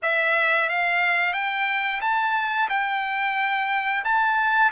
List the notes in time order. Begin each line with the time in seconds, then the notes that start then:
0.02 E5
0.69 F5
1.33 G5
2.01 A5
2.69 G5
4.04 A5